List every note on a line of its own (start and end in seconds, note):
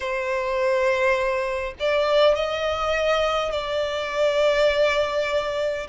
0.00 1.73 C5
1.79 2.35 D5
2.35 3.51 D#5
3.51 5.87 D5